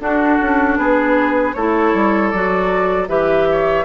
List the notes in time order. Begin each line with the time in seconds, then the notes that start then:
0.00 D4 F#4 A4
0.41 C#4
0.78 B3 G#4 B4
1.54 A3 E4 A4 C#5
1.94 G3
2.30 F#3 F#4 D5
3.08 E3 G4 B4 E5
3.52 C#5